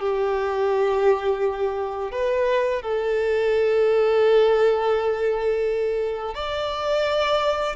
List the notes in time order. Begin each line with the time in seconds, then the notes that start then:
0.00 G4
2.11 B4
2.82 A4
6.35 D5